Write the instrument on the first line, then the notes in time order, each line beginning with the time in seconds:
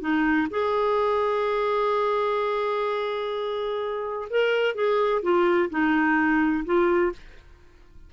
clarinet
0.00 D#4
0.50 G#4
4.30 A#4
4.75 G#4
5.22 F4
5.70 D#4
6.65 F4